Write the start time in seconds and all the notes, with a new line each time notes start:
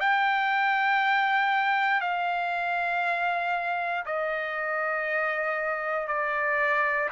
0.00 G5
2.01 F5
4.06 D#5
6.07 D5